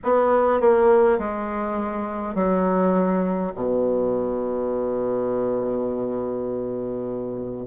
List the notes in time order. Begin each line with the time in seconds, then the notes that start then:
0.03 B3
0.60 A#3
1.18 G#3
2.35 F#3
3.55 B2